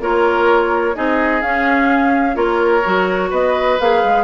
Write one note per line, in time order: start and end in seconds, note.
0.00 0.94 A#3
0.00 0.94 F4
0.00 0.96 A#4
0.00 0.95 C#5
0.94 1.42 C4
0.94 1.41 D#4
0.94 2.36 G#4
0.94 1.42 D#5
1.42 2.36 C#4
1.42 2.34 C#4
1.42 2.35 F5
2.34 2.83 A#3
2.34 2.81 F4
2.34 3.30 A#4
2.34 3.30 C#5
2.85 3.31 F#3
2.85 3.79 F#4
3.30 3.78 B3
3.30 4.24 B4
3.30 3.79 D#5
3.80 4.03 A#3
3.80 4.24 G#4
3.80 4.24 F5
4.03 4.24 G#3